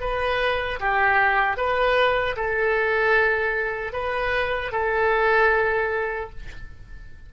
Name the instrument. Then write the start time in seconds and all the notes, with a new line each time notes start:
oboe
0.00 B4
0.80 G4
1.57 B4
2.36 A4
3.93 B4
4.72 A4